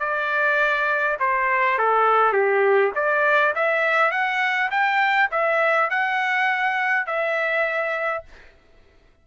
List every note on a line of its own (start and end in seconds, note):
0.00 1.18 D5
1.20 1.79 C5
1.79 2.33 A4
2.33 2.92 G4
2.96 3.55 D5
3.56 4.12 E5
4.12 4.71 F#5
4.71 5.30 G5
5.31 5.90 E5
5.90 7.07 F#5
7.07 8.24 E5